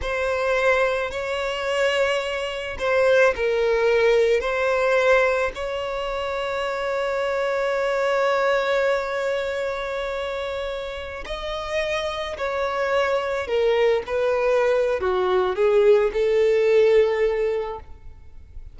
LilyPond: \new Staff \with { instrumentName = "violin" } { \time 4/4 \tempo 4 = 108 c''2 cis''2~ | cis''4 c''4 ais'2 | c''2 cis''2~ | cis''1~ |
cis''1~ | cis''16 dis''2 cis''4.~ cis''16~ | cis''16 ais'4 b'4.~ b'16 fis'4 | gis'4 a'2. | }